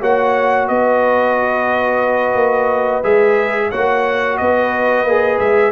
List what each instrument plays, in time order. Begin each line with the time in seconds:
0.00 tuba A#3, trombone F#4, horn C#5, trumpet F#5
0.67 tuba B3, horn B4, trumpet D#5
2.34 tuba A#3
3.03 tuba G#3, trombone G#4, trumpet E5
3.70 tuba A#3, trombone F#4, horn C#5, trumpet F#5
4.37 tuba B3, horn B4, trumpet D#5
5.04 tuba A#3, trombone G#4
5.39 tuba G#3, trumpet E5